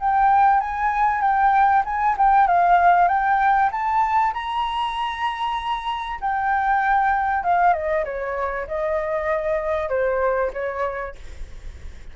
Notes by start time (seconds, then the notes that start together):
0.00 G5
0.61 G#5
1.21 G5
1.85 G#5
2.18 G5
2.47 F5
3.08 G5
3.72 A5
4.34 A#5
6.21 G5
7.44 F5
7.73 D#5
8.05 C#5
8.67 D#5
9.89 C5
10.54 C#5